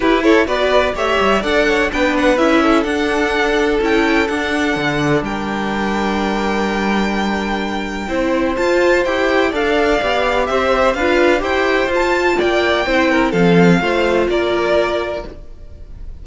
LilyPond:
<<
  \new Staff \with { instrumentName = "violin" } { \time 4/4 \tempo 4 = 126 b'8 cis''8 d''4 e''4 fis''4 | g''8 fis''8 e''4 fis''2 | g''4 fis''2 g''4~ | g''1~ |
g''2 a''4 g''4 | f''2 e''4 f''4 | g''4 a''4 g''2 | f''2 d''2 | }
  \new Staff \with { instrumentName = "violin" } { \time 4/4 g'8 a'8 b'4 cis''4 d''8 cis''8 | b'4. a'2~ a'8~ | a'2. ais'4~ | ais'1~ |
ais'4 c''2. | d''2 c''4 b'4 | c''2 d''4 c''8 ais'8 | a'4 c''4 ais'2 | }
  \new Staff \with { instrumentName = "viola" } { \time 4/4 e'4 fis'4 g'4 a'4 | d'4 e'4 d'2 | e'4 d'2.~ | d'1~ |
d'4 e'4 f'4 g'4 | a'4 g'2 f'4 | g'4 f'2 e'4 | c'4 f'2. | }
  \new Staff \with { instrumentName = "cello" } { \time 4/4 e'4 b4 a8 g8 d'4 | b4 cis'4 d'2 | cis'4 d'4 d4 g4~ | g1~ |
g4 c'4 f'4 e'4 | d'4 b4 c'4 d'4 | e'4 f'4 ais4 c'4 | f4 a4 ais2 | }
>>